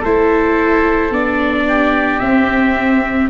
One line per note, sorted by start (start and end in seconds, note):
0.00 1.11 A3
0.00 1.13 E4
0.00 1.64 A4
0.00 1.14 C5
1.11 2.20 B3
1.11 2.22 D4
1.11 2.20 D5
1.69 3.30 G4
2.20 3.30 C4
2.20 3.29 E5